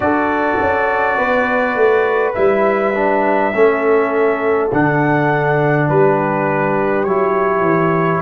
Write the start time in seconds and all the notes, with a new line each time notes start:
0.00 D4 F#4 A4 D5
0.60 C#4
1.17 B3 B4
1.75 A3
2.34 G3 E4 E5
2.94 D4
3.53 A3 C#4 A4
4.72 D3 D4 F#5
5.88 G3 G4 B4
7.03 F#3 E4 C#5
7.61 E3